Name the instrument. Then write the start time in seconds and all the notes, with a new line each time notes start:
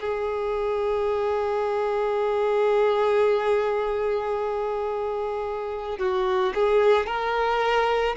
violin
0.00 G#4
5.99 F#4
6.55 G#4
7.07 A#4